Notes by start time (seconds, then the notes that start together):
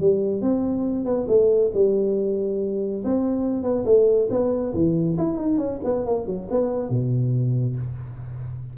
0.00 G3
0.42 C4
1.05 B3
1.28 A3
1.74 G3
3.04 C4
3.63 B3
3.86 A3
4.30 B3
4.74 E3
5.18 E4
5.37 D#4
5.58 C#4
5.85 B3
6.06 A#3
6.26 F#3
6.51 B3
6.90 B2